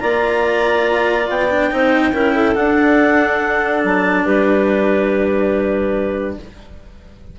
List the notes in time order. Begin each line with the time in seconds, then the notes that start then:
0.00 A#3 F4 D5 A#5
1.29 B3 G5
1.50 D4
1.70 C4 D#4 C5
2.11 C#4 E4 A#4
2.34 A4
2.55 D4 F#5
3.84 F#3 A5
4.25 G3 G4 B4